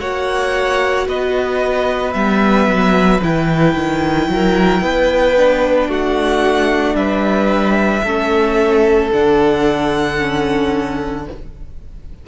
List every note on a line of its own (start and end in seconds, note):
0.00 1.07 A#3
0.00 2.13 F#4
0.00 1.07 C#5
0.00 1.07 F#5
1.07 2.14 B3
1.07 4.29 B4
1.07 2.14 D#5
2.13 2.67 G3
2.13 3.21 B3
2.13 3.21 E5
2.67 3.21 F#3
3.23 3.75 E3
3.23 5.36 E4
3.23 5.91 G5
3.75 4.28 D#3
4.28 4.81 F#3
4.28 4.83 A#4
4.81 5.88 B3
4.81 5.88 B4
5.36 8.04 D4
5.88 6.95 A3
5.88 6.96 F#4
5.88 6.96 F#5
6.95 8.02 G3
6.95 8.04 B4
6.95 9.10 E5
8.03 9.10 A3
8.03 9.12 C#4
8.03 11.26 A4
9.12 11.27 D3
9.12 10.18 D4
9.12 11.27 F#5
10.18 11.25 C#4